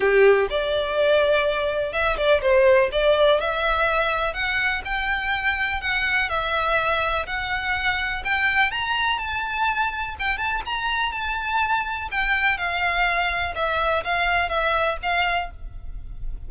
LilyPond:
\new Staff \with { instrumentName = "violin" } { \time 4/4 \tempo 4 = 124 g'4 d''2. | e''8 d''8 c''4 d''4 e''4~ | e''4 fis''4 g''2 | fis''4 e''2 fis''4~ |
fis''4 g''4 ais''4 a''4~ | a''4 g''8 a''8 ais''4 a''4~ | a''4 g''4 f''2 | e''4 f''4 e''4 f''4 | }